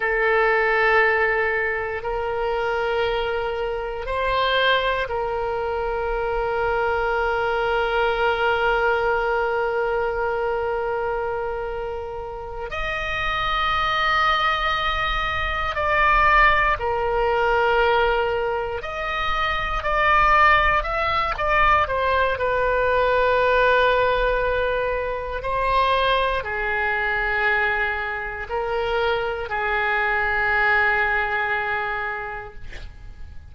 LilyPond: \new Staff \with { instrumentName = "oboe" } { \time 4/4 \tempo 4 = 59 a'2 ais'2 | c''4 ais'2.~ | ais'1~ | ais'8 dis''2. d''8~ |
d''8 ais'2 dis''4 d''8~ | d''8 e''8 d''8 c''8 b'2~ | b'4 c''4 gis'2 | ais'4 gis'2. | }